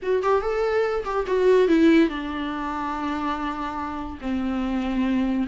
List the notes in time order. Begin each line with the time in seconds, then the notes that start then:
0.02 F#4
0.22 G4
0.41 A4
1.05 G4
1.26 F#4
1.68 E4
2.08 D4
4.21 C4